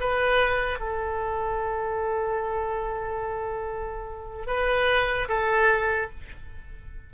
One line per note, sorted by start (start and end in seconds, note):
0.00 0.79 B4
0.79 4.47 A4
4.47 5.28 B4
5.28 6.10 A4